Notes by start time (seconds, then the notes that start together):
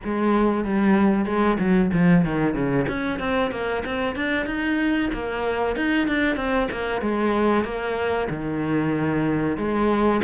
0.04 G#3
0.64 G3
1.25 G#3
1.59 F#3
1.93 F3
2.25 D#3
2.54 C#3
2.88 C#4
3.19 C4
3.51 A#3
3.85 C4
4.15 D4
4.46 D#4
5.13 A#3
5.76 D#4
6.07 D4
6.36 C4
6.71 A#3
7.01 G#3
7.64 A#3
8.29 D#3
9.57 G#3